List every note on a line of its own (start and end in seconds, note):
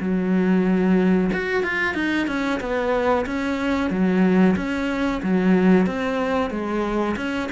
0.00 1.30 F#3
1.33 1.63 F#4
1.63 1.94 F4
1.94 2.27 D#4
2.27 2.60 C#4
2.60 3.25 B3
3.26 3.90 C#4
3.90 4.56 F#3
4.56 5.21 C#4
5.23 5.86 F#3
5.86 6.50 C4
6.50 7.16 G#3
7.17 7.49 C#4